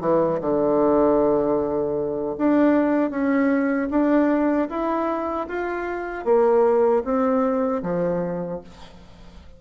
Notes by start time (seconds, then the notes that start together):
0.00 E3
0.40 D3
2.38 D4
3.10 C#4
3.90 D4
4.69 E4
5.48 F4
6.24 A#3
7.04 C4
7.82 F3